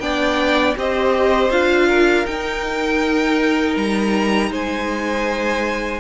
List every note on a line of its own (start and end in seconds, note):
0.00 0.75 B3
0.00 0.76 D4
0.00 0.78 D5
0.00 0.75 G5
0.76 1.50 C4
0.76 1.51 G4
0.76 1.87 C5
0.76 1.51 D#5
1.50 2.25 D4
1.50 2.25 F4
1.50 2.26 F5
1.87 4.50 A#4
2.25 6.00 D#4
2.25 3.76 D#4
2.25 3.76 G5
3.76 4.51 G3
3.76 4.52 A#5
4.51 6.00 G#3
4.51 6.00 C5
4.51 6.00 G#5